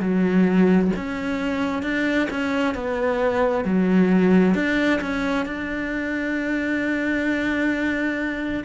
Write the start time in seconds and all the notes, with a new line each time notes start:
0.00 F#3
0.96 C#4
1.83 D4
2.30 C#4
2.74 B3
3.64 F#3
4.55 D4
5.01 C#4
5.45 D4